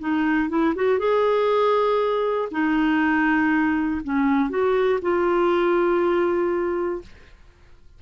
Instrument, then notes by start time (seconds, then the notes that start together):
clarinet
0.00 D#4
0.50 E4
0.76 F#4
0.99 G#4
2.52 D#4
4.04 C#4
4.50 F#4
5.02 F4